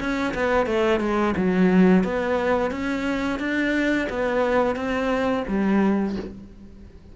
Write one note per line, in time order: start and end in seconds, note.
0.00 0.34 C#4
0.34 0.66 B3
0.66 1.00 A3
1.00 1.35 G#3
1.37 2.04 F#3
2.04 2.71 B3
2.71 3.39 C#4
3.40 4.08 D4
4.09 4.76 B3
4.76 5.44 C4
5.48 6.16 G3